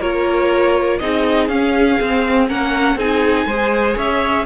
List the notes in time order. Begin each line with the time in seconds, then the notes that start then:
0.00 A#3 F4 A#4 C#5
0.98 C4 D#4 G#4 D#5
1.48 C#4 F5
2.00 C4
2.47 A#3 C#4 A#4 F#5
2.95 C4 D#4 G#4 G#5
3.45 G#3 G#4 C5
3.96 C#4 C#5 E5